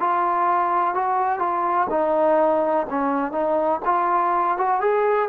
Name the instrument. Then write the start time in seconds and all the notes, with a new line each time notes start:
trombone
0.00 F4
0.95 F#4
1.39 F4
1.90 D#4
2.90 C#4
3.32 D#4
3.85 F4
4.58 F#4
4.81 G#4